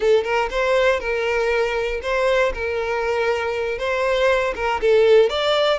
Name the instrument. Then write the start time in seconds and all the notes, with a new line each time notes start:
violin
0.00 A4
0.24 A#4
0.50 C5
1.00 A#4
2.02 C5
2.54 A#4
3.78 C5
4.55 A#4
4.80 A4
5.29 D5